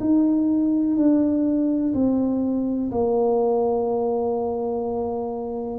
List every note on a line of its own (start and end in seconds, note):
0.00 0.97 D#4
0.97 1.94 D4
1.94 2.91 C4
2.91 5.79 A#3